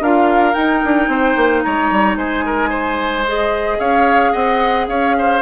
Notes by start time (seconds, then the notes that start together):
0.00 D4 F4 A#4 F5
0.53 D#4 G5
0.84 D4
1.08 C4 C5
1.36 A#3
1.62 G#3 C#5 A#5
1.91 G3
2.16 G#3 C5 G#5
2.46 A#4
2.69 C5
3.27 G#4 D#5
3.79 C#4 C#5 F5
4.32 C4 D#5 F#5
4.88 C#4 C#5 F5
5.18 C5